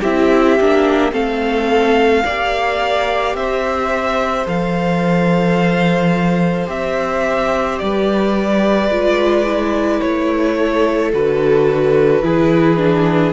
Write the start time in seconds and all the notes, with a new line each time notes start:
0.00 C4 E4 G4 E5
0.60 A#3 D4
1.11 A3 C4 A4 F5
2.25 A#3 G4 D5
3.34 C4 C5 E5
4.45 F3 A4 F5
6.66 C4 G4 E5
7.78 G3 B4 D5
8.89 G#3 F4
9.46 E4
10.00 A3 C#5
10.58 A4
11.12 D3 F#4 B4
12.22 E3 E4 G#4
12.77 D4